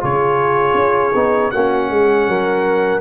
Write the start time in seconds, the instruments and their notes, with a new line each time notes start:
0.00 tuba C#3, trombone F4, horn G#4, trumpet C#5
0.74 tuba C#4
1.15 tuba B3, trombone D#4
1.51 tuba A#3, trombone C#4, horn F#4, trumpet F#5
1.90 tuba G#3, horn G#4
2.28 tuba F#3, horn A#4